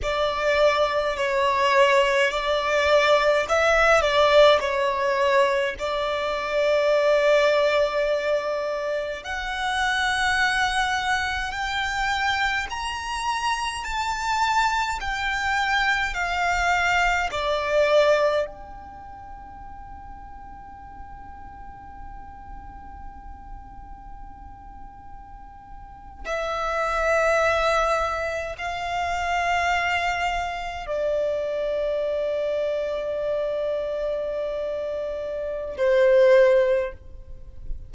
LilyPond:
\new Staff \with { instrumentName = "violin" } { \time 4/4 \tempo 4 = 52 d''4 cis''4 d''4 e''8 d''8 | cis''4 d''2. | fis''2 g''4 ais''4 | a''4 g''4 f''4 d''4 |
g''1~ | g''2~ g''8. e''4~ e''16~ | e''8. f''2 d''4~ d''16~ | d''2. c''4 | }